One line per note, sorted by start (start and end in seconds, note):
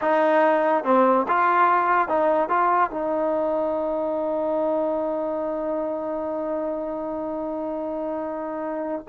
0.01 0.84 D#4
0.84 1.25 C4
1.27 2.08 F4
2.08 2.49 D#4
2.49 2.90 F4
2.90 9.05 D#4